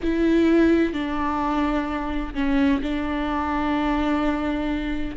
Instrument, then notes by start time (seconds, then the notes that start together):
viola
0.03 E4
0.93 D4
2.34 C#4
2.82 D4